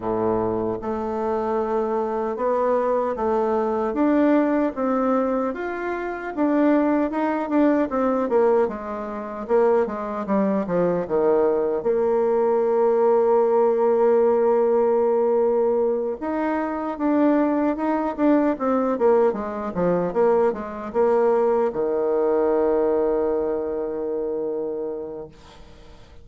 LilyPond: \new Staff \with { instrumentName = "bassoon" } { \time 4/4 \tempo 4 = 76 a,4 a2 b4 | a4 d'4 c'4 f'4 | d'4 dis'8 d'8 c'8 ais8 gis4 | ais8 gis8 g8 f8 dis4 ais4~ |
ais1~ | ais8 dis'4 d'4 dis'8 d'8 c'8 | ais8 gis8 f8 ais8 gis8 ais4 dis8~ | dis1 | }